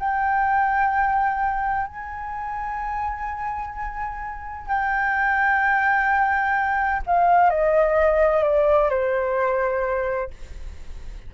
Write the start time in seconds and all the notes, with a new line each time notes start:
0.00 G5
1.87 G#5
4.68 G5
7.07 F5
7.50 D#5
8.43 D5
8.90 C5